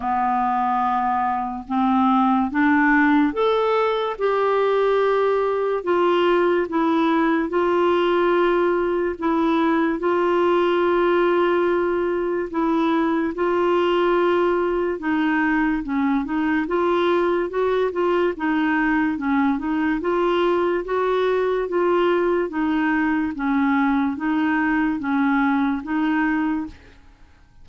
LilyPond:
\new Staff \with { instrumentName = "clarinet" } { \time 4/4 \tempo 4 = 72 b2 c'4 d'4 | a'4 g'2 f'4 | e'4 f'2 e'4 | f'2. e'4 |
f'2 dis'4 cis'8 dis'8 | f'4 fis'8 f'8 dis'4 cis'8 dis'8 | f'4 fis'4 f'4 dis'4 | cis'4 dis'4 cis'4 dis'4 | }